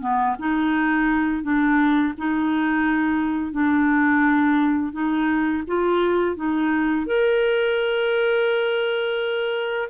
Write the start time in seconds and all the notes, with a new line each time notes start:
0.00 B3
0.38 D#4
1.42 D4
2.17 D#4
3.52 D4
4.92 D#4
5.67 F4
6.36 D#4
7.06 A#4